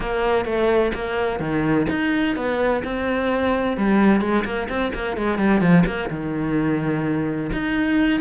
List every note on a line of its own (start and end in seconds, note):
0.00 0.45 A#3
0.45 0.92 A3
0.94 1.39 A#3
1.39 1.86 D#3
1.89 2.35 D#4
2.35 2.82 B3
2.84 3.77 C4
3.77 4.20 G3
4.20 4.44 G#3
4.44 4.68 A#3
4.69 4.92 C4
4.94 5.16 A#3
5.16 5.38 G#3
5.38 5.60 G3
5.60 5.84 F3
5.86 6.09 A#3
6.10 7.50 D#3
7.52 8.20 D#4